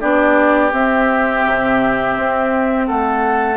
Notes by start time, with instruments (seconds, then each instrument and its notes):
0.00 bassoon B3, clarinet D4, oboe G4, flute D5
0.72 bassoon C4, clarinet C4, flute E5
1.46 bassoon C3
2.17 bassoon C4
2.87 bassoon A3, oboe A4, flute F#5